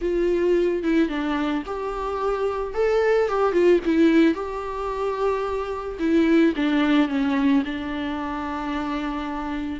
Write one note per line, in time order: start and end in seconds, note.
0.01 0.83 F4
0.83 1.08 E4
1.08 1.63 D4
1.65 2.74 G4
2.74 3.28 A4
3.28 3.52 G4
3.52 3.79 F4
3.85 4.34 E4
4.34 5.98 G4
5.99 6.53 E4
6.56 7.08 D4
7.08 7.63 C#4
7.64 9.79 D4